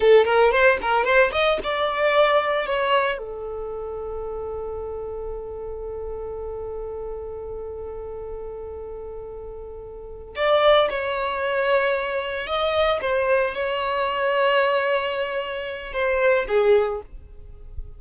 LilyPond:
\new Staff \with { instrumentName = "violin" } { \time 4/4 \tempo 4 = 113 a'8 ais'8 c''8 ais'8 c''8 dis''8 d''4~ | d''4 cis''4 a'2~ | a'1~ | a'1~ |
a'2.~ a'8 d''8~ | d''8 cis''2. dis''8~ | dis''8 c''4 cis''2~ cis''8~ | cis''2 c''4 gis'4 | }